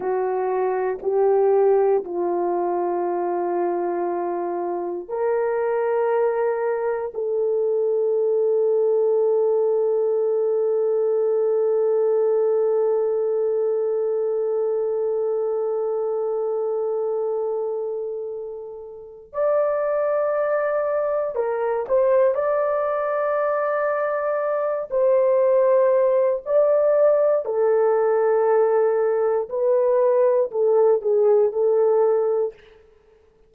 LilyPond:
\new Staff \with { instrumentName = "horn" } { \time 4/4 \tempo 4 = 59 fis'4 g'4 f'2~ | f'4 ais'2 a'4~ | a'1~ | a'1~ |
a'2. d''4~ | d''4 ais'8 c''8 d''2~ | d''8 c''4. d''4 a'4~ | a'4 b'4 a'8 gis'8 a'4 | }